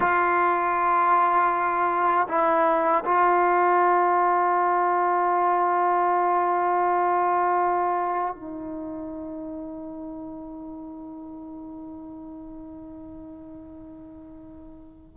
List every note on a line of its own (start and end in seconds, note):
0.00 2.28 F4
2.28 3.04 E4
3.04 8.34 F4
8.34 15.17 D#4